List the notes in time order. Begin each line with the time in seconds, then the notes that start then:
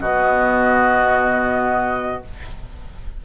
0.00 B2 B3 F#4 D#5